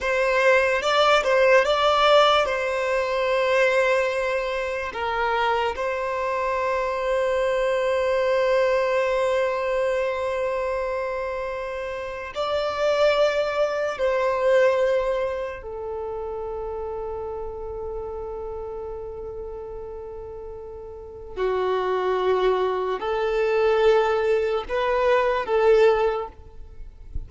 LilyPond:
\new Staff \with { instrumentName = "violin" } { \time 4/4 \tempo 4 = 73 c''4 d''8 c''8 d''4 c''4~ | c''2 ais'4 c''4~ | c''1~ | c''2. d''4~ |
d''4 c''2 a'4~ | a'1~ | a'2 fis'2 | a'2 b'4 a'4 | }